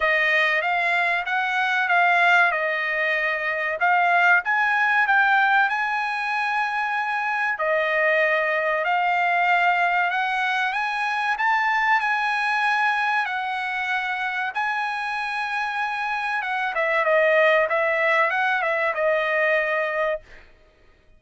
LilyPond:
\new Staff \with { instrumentName = "trumpet" } { \time 4/4 \tempo 4 = 95 dis''4 f''4 fis''4 f''4 | dis''2 f''4 gis''4 | g''4 gis''2. | dis''2 f''2 |
fis''4 gis''4 a''4 gis''4~ | gis''4 fis''2 gis''4~ | gis''2 fis''8 e''8 dis''4 | e''4 fis''8 e''8 dis''2 | }